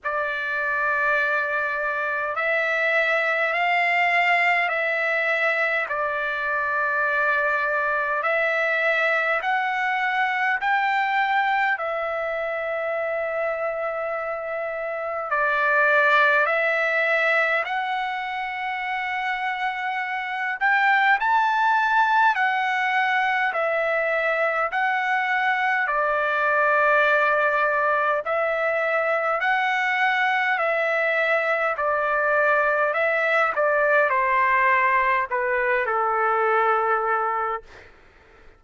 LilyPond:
\new Staff \with { instrumentName = "trumpet" } { \time 4/4 \tempo 4 = 51 d''2 e''4 f''4 | e''4 d''2 e''4 | fis''4 g''4 e''2~ | e''4 d''4 e''4 fis''4~ |
fis''4. g''8 a''4 fis''4 | e''4 fis''4 d''2 | e''4 fis''4 e''4 d''4 | e''8 d''8 c''4 b'8 a'4. | }